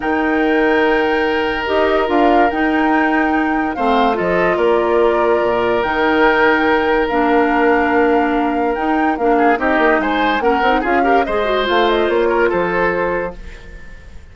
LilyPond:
<<
  \new Staff \with { instrumentName = "flute" } { \time 4/4 \tempo 4 = 144 g''1 | dis''4 f''4 g''2~ | g''4 f''4 dis''4 d''4~ | d''2 g''2~ |
g''4 f''2.~ | f''4 g''4 f''4 dis''4 | gis''4 fis''4 f''4 dis''4 | f''8 dis''8 cis''4 c''2 | }
  \new Staff \with { instrumentName = "oboe" } { \time 4/4 ais'1~ | ais'1~ | ais'4 c''4 a'4 ais'4~ | ais'1~ |
ais'1~ | ais'2~ ais'8 gis'8 g'4 | c''4 ais'4 gis'8 ais'8 c''4~ | c''4. ais'8 a'2 | }
  \new Staff \with { instrumentName = "clarinet" } { \time 4/4 dis'1 | g'4 f'4 dis'2~ | dis'4 c'4 f'2~ | f'2 dis'2~ |
dis'4 d'2.~ | d'4 dis'4 d'4 dis'4~ | dis'4 cis'8 dis'8 f'8 g'8 gis'8 fis'8 | f'1 | }
  \new Staff \with { instrumentName = "bassoon" } { \time 4/4 dis1 | dis'4 d'4 dis'2~ | dis'4 a4 f4 ais4~ | ais4 ais,4 dis2~ |
dis4 ais2.~ | ais4 dis'4 ais4 c'8 ais8 | gis4 ais8 c'8 cis'4 gis4 | a4 ais4 f2 | }
>>